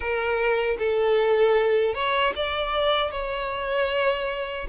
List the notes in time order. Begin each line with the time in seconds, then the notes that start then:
0.00 A#4
0.78 A4
1.94 C#5
2.35 D5
3.11 C#5